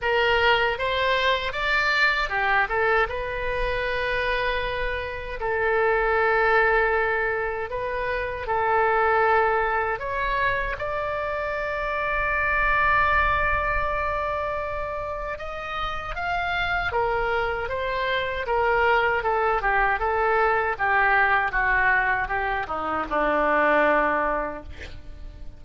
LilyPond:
\new Staff \with { instrumentName = "oboe" } { \time 4/4 \tempo 4 = 78 ais'4 c''4 d''4 g'8 a'8 | b'2. a'4~ | a'2 b'4 a'4~ | a'4 cis''4 d''2~ |
d''1 | dis''4 f''4 ais'4 c''4 | ais'4 a'8 g'8 a'4 g'4 | fis'4 g'8 dis'8 d'2 | }